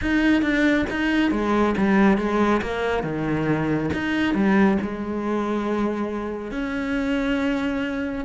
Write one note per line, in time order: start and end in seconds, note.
0.01 0.42 D#4
0.42 0.85 D4
0.90 1.31 D#4
1.31 1.74 G#3
1.77 2.17 G3
2.17 2.61 G#3
2.61 3.03 A#3
3.03 3.90 D#3
3.93 4.34 D#4
4.34 4.77 G3
4.82 6.51 G#3
6.51 8.24 C#4